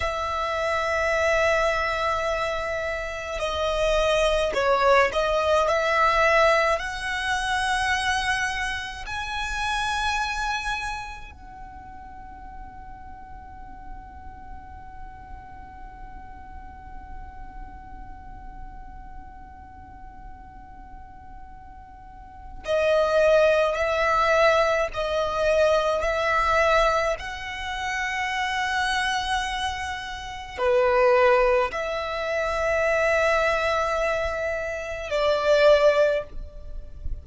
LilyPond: \new Staff \with { instrumentName = "violin" } { \time 4/4 \tempo 4 = 53 e''2. dis''4 | cis''8 dis''8 e''4 fis''2 | gis''2 fis''2~ | fis''1~ |
fis''1 | dis''4 e''4 dis''4 e''4 | fis''2. b'4 | e''2. d''4 | }